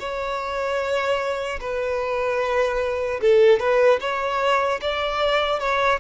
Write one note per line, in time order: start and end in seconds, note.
0.00 1.60 C#5
1.61 3.21 B4
3.22 3.60 A4
3.60 4.00 B4
4.01 4.81 C#5
4.81 5.60 D5
5.60 6.00 C#5